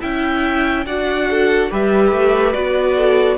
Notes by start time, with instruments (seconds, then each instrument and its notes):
0.00 cello C#4, viola E4, violin E5 G5
0.86 cello D4, viola F#4, violin D5 F#5
1.30 violin A4
1.70 cello G3, viola G4, violin B4 E5
2.12 cello A3
2.52 cello B3, viola F#4, violin D5
2.96 violin A4